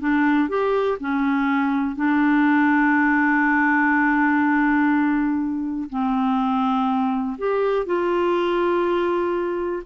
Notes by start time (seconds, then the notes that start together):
0.00 D4
0.49 G4
1.00 C#4
1.95 D4
5.90 C4
7.38 G4
7.86 F4